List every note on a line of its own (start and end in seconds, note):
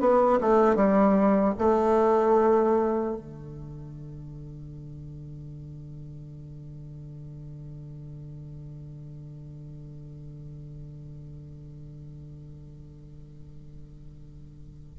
0.00 0.39 B3
0.41 0.75 A3
0.75 1.54 G3
1.58 3.16 A3
3.16 14.99 D3